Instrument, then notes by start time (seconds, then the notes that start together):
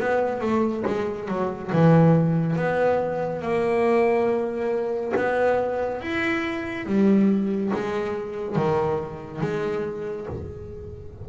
double bass
0.00 B3
0.41 A3
0.87 G#3
1.29 F#3
1.73 E3
2.57 B3
3.42 A#3
5.17 B3
6.02 E4
6.86 G3
7.74 G#3
8.56 D#3
9.41 G#3